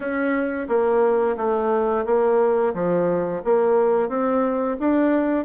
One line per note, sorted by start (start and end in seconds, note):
0.00 0.67 C#4
0.68 1.36 A#3
1.36 2.05 A3
2.05 2.73 A#3
2.74 3.42 F3
3.44 4.08 A#3
4.08 4.77 C4
4.79 5.45 D4